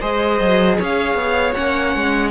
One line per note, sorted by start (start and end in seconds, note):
0.00 0.40 G#3
0.00 1.54 G#4
0.00 0.77 C5
0.00 0.78 D#5
0.40 0.79 F#3
0.78 1.14 C#4
0.78 2.31 C#5
0.78 1.54 F5
1.14 1.52 B3
1.54 1.95 A#3
1.54 2.31 C#4
1.54 2.31 F#5
1.95 2.31 G#3